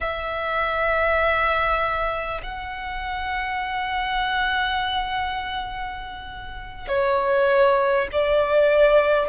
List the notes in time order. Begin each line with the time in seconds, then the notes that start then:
0.01 E5
2.42 F#5
6.87 C#5
8.12 D5